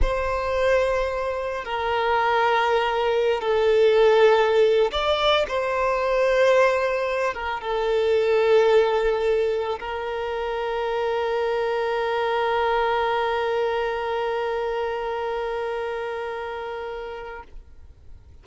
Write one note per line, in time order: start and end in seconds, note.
0.01 1.64 C5
1.64 3.41 A#4
3.41 4.91 A4
4.91 5.45 D5
5.48 7.34 C5
7.34 7.61 A#4
7.61 9.79 A4
9.79 17.43 A#4